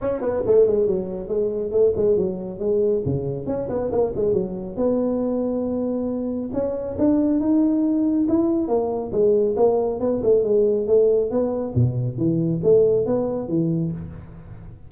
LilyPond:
\new Staff \with { instrumentName = "tuba" } { \time 4/4 \tempo 4 = 138 cis'8 b8 a8 gis8 fis4 gis4 | a8 gis8 fis4 gis4 cis4 | cis'8 b8 ais8 gis8 fis4 b4~ | b2. cis'4 |
d'4 dis'2 e'4 | ais4 gis4 ais4 b8 a8 | gis4 a4 b4 b,4 | e4 a4 b4 e4 | }